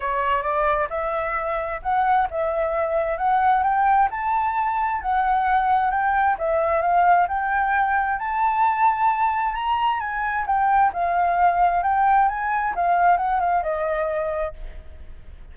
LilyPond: \new Staff \with { instrumentName = "flute" } { \time 4/4 \tempo 4 = 132 cis''4 d''4 e''2 | fis''4 e''2 fis''4 | g''4 a''2 fis''4~ | fis''4 g''4 e''4 f''4 |
g''2 a''2~ | a''4 ais''4 gis''4 g''4 | f''2 g''4 gis''4 | f''4 fis''8 f''8 dis''2 | }